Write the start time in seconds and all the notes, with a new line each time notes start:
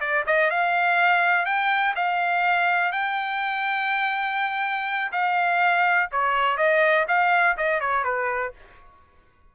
0.00 D5
0.27 D#5
0.51 F5
1.46 G5
1.96 F5
2.92 G5
5.12 F5
6.12 C#5
6.58 D#5
7.08 F5
7.58 D#5
7.80 C#5
8.04 B4